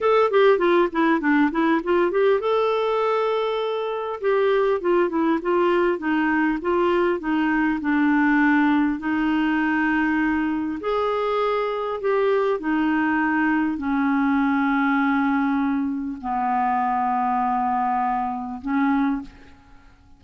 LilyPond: \new Staff \with { instrumentName = "clarinet" } { \time 4/4 \tempo 4 = 100 a'8 g'8 f'8 e'8 d'8 e'8 f'8 g'8 | a'2. g'4 | f'8 e'8 f'4 dis'4 f'4 | dis'4 d'2 dis'4~ |
dis'2 gis'2 | g'4 dis'2 cis'4~ | cis'2. b4~ | b2. cis'4 | }